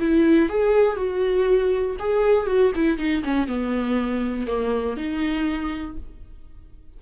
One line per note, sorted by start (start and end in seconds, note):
0.00 0.50 E4
0.50 0.97 G#4
0.97 1.97 F#4
2.00 2.47 G#4
2.47 2.72 F#4
2.75 2.98 E4
2.98 3.23 D#4
3.25 3.48 C#4
3.48 4.47 B3
4.47 4.97 A#3
4.97 5.97 D#4